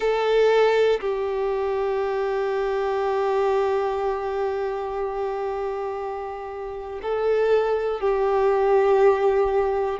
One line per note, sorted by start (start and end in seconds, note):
0.00 1.00 A4
1.00 7.00 G4
7.02 8.00 A4
8.00 10.00 G4